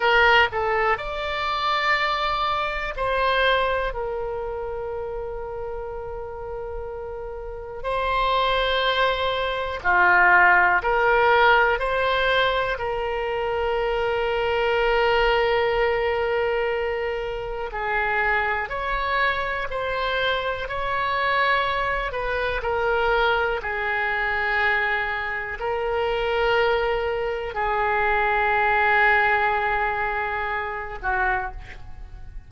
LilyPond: \new Staff \with { instrumentName = "oboe" } { \time 4/4 \tempo 4 = 61 ais'8 a'8 d''2 c''4 | ais'1 | c''2 f'4 ais'4 | c''4 ais'2.~ |
ais'2 gis'4 cis''4 | c''4 cis''4. b'8 ais'4 | gis'2 ais'2 | gis'2.~ gis'8 fis'8 | }